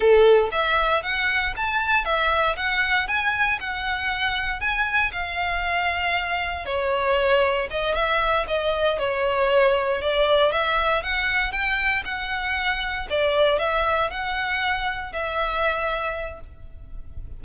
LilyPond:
\new Staff \with { instrumentName = "violin" } { \time 4/4 \tempo 4 = 117 a'4 e''4 fis''4 a''4 | e''4 fis''4 gis''4 fis''4~ | fis''4 gis''4 f''2~ | f''4 cis''2 dis''8 e''8~ |
e''8 dis''4 cis''2 d''8~ | d''8 e''4 fis''4 g''4 fis''8~ | fis''4. d''4 e''4 fis''8~ | fis''4. e''2~ e''8 | }